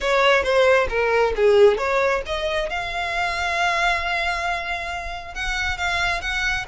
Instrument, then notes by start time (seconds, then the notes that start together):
violin
0.00 C#5
0.43 C5
0.89 A#4
1.36 G#4
1.77 C#5
2.25 D#5
2.69 F5
5.34 F#5
5.77 F5
6.21 F#5